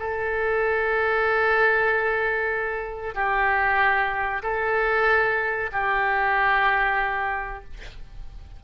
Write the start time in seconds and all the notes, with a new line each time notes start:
0.00 A4
3.15 G4
4.43 A4
5.73 G4